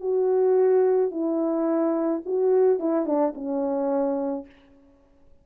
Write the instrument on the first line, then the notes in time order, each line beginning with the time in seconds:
horn
0.00 F#4
1.11 E4
2.25 F#4
2.79 E4
3.06 D4
3.34 C#4